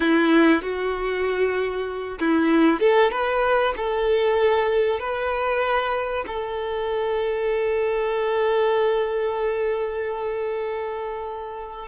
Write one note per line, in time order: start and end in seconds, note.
0.00 0.62 E4
0.62 2.18 F#4
2.19 2.80 E4
2.80 3.11 A4
3.11 3.73 B4
3.76 4.99 A4
4.99 6.24 B4
6.26 11.88 A4